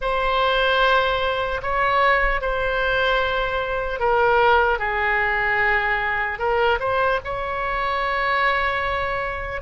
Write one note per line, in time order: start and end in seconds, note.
0.01 1.61 C5
1.62 2.41 C#5
2.41 3.99 C5
3.99 4.78 A#4
4.78 6.38 G#4
6.39 6.79 A#4
6.79 7.19 C5
7.24 9.61 C#5